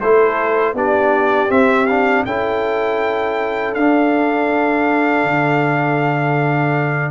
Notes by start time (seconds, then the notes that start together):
0.00 A3 E4 A4 C5
0.73 B3 D4 G4 D5
1.48 C4 E5
1.86 D4 F5
2.25 C#4 E4 A4 G5
3.74 D4 F5
5.24 D3